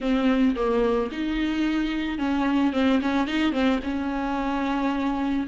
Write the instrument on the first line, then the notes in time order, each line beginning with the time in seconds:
viola
0.00 C4
0.55 A#3
1.11 D#4
2.18 C#4
2.72 C4
3.01 C#4
3.27 D#4
3.52 C4
3.83 C#4